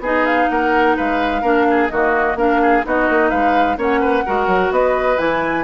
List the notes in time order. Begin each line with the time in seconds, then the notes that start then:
0.00 B3 D#4 G#4 D#5
0.26 F5
0.49 A#3 A#4 F#5
0.97 G#3 B4 F5
1.42 A#3 D4 A#4
1.71 G#4
1.90 D#3 A#3 F#4 D#5
2.36 A#3 D4 A#4 F5
2.62 G#4
2.83 B3 D#4 F#4 D#5
3.10 A#3
3.30 G#3 B4 F5
3.77 A#3 C#4 C#5 F#5
4.00 B4
4.26 G#3 F#4 A#4
4.47 F#3
4.71 B3 B4 D#5
5.18 E3 E4 G#5